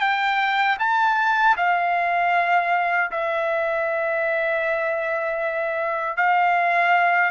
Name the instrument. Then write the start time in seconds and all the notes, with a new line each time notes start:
trumpet
0.00 G5
0.79 A5
1.57 F5
3.11 E5
6.17 F5